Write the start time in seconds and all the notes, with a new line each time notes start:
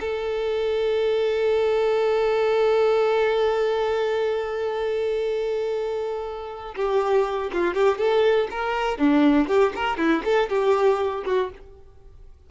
0.00 A4
6.76 G4
7.53 F4
7.74 G4
7.98 A4
8.51 A#4
8.98 D4
9.48 G4
9.75 A#4
9.97 E4
10.25 A4
10.49 G4
11.25 F#4